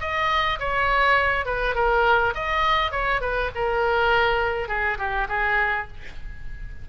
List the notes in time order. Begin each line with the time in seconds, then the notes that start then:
0.00 D#5
0.59 C#5
1.45 B4
1.75 A#4
2.34 D#5
2.91 C#5
3.21 B4
3.55 A#4
4.68 G#4
4.98 G4
5.28 G#4